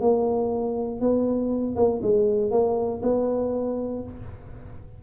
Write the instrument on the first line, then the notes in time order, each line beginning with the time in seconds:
tuba
0.00 A#3
1.00 B3
1.75 A#3
2.02 G#3
2.51 A#3
3.02 B3